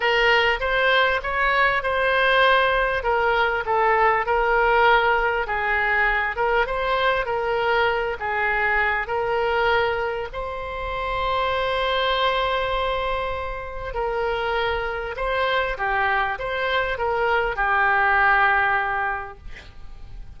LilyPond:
\new Staff \with { instrumentName = "oboe" } { \time 4/4 \tempo 4 = 99 ais'4 c''4 cis''4 c''4~ | c''4 ais'4 a'4 ais'4~ | ais'4 gis'4. ais'8 c''4 | ais'4. gis'4. ais'4~ |
ais'4 c''2.~ | c''2. ais'4~ | ais'4 c''4 g'4 c''4 | ais'4 g'2. | }